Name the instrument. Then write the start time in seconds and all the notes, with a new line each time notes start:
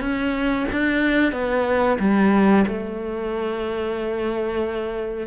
cello
0.00 C#4
0.72 D4
1.32 B3
1.99 G3
2.67 A3